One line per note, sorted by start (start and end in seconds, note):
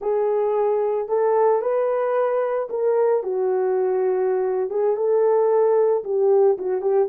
0.01 1.08 G#4
1.08 1.61 A4
1.61 2.68 B4
2.69 3.23 A#4
3.23 4.69 F#4
4.69 4.96 G#4
4.96 6.03 A4
6.03 6.57 G4
6.58 6.81 F#4
6.81 7.08 G4